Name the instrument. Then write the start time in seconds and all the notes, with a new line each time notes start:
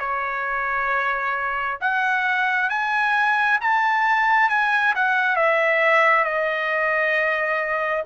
trumpet
0.00 C#5
1.81 F#5
2.70 G#5
3.61 A5
4.50 G#5
4.95 F#5
5.36 E5
6.25 D#5